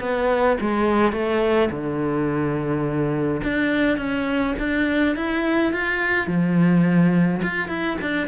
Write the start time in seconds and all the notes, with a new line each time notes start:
0.00 B3
0.61 G#3
1.13 A3
1.71 D3
3.44 D4
3.98 C#4
4.59 D4
5.16 E4
5.73 F4
6.27 F3
7.43 F4
7.69 E4
8.02 D4